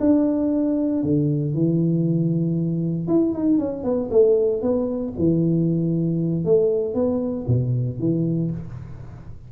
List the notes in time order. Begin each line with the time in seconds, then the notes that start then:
0.00 D4
1.03 D3
1.54 E3
3.08 E4
3.33 D#4
3.58 C#4
3.84 B3
4.11 A3
4.62 B3
5.18 E3
6.45 A3
6.95 B3
7.47 B2
7.99 E3